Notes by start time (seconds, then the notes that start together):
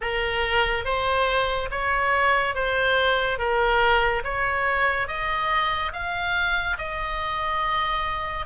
0.01 A#4
0.85 C5
1.70 C#5
2.55 C5
3.38 A#4
4.23 C#5
5.07 D#5
5.92 F5
6.78 D#5